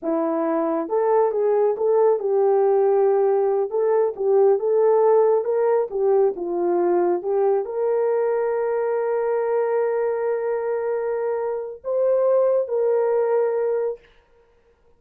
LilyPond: \new Staff \with { instrumentName = "horn" } { \time 4/4 \tempo 4 = 137 e'2 a'4 gis'4 | a'4 g'2.~ | g'8 a'4 g'4 a'4.~ | a'8 ais'4 g'4 f'4.~ |
f'8 g'4 ais'2~ ais'8~ | ais'1~ | ais'2. c''4~ | c''4 ais'2. | }